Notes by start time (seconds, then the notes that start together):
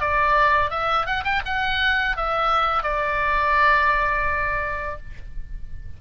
0.00 D5
0.70 E5
1.06 F#5
1.24 G5
1.45 F#5
2.17 E5
2.83 D5